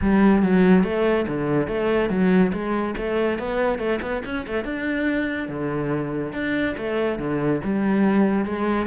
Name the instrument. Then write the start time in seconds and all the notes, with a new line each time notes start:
cello
0.01 G3
0.42 F#3
0.83 A3
1.27 D3
1.67 A3
2.09 F#3
2.52 G#3
2.97 A3
3.38 B3
3.78 A3
4.01 B3
4.25 C#4
4.46 A3
4.64 D4
5.48 D3
6.32 D4
6.77 A3
7.19 D3
7.63 G3
8.45 G#3